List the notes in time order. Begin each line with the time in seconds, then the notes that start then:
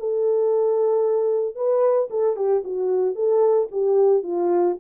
0.00 A4
1.56 B4
2.11 A4
2.36 G4
2.65 F#4
3.15 A4
3.72 G4
4.24 F4